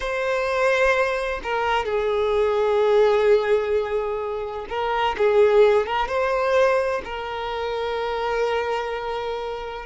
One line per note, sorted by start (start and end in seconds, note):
0.00 1.40 C5
1.43 1.85 A#4
1.85 4.66 G#4
4.69 5.16 A#4
5.17 5.86 G#4
5.86 6.07 A#4
6.07 7.01 C5
7.04 9.85 A#4